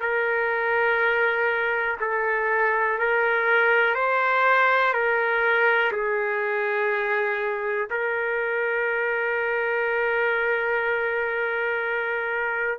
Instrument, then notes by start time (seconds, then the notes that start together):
trumpet
0.00 A#4
2.00 A4
2.98 A#4
3.94 C5
4.93 A#4
5.92 G#4
7.90 A#4